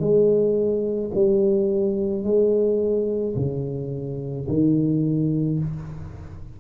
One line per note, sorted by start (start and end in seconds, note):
0.00 1.11 G#3
1.15 2.24 G3
2.24 3.35 G#3
3.36 4.47 C#3
4.48 5.60 D#3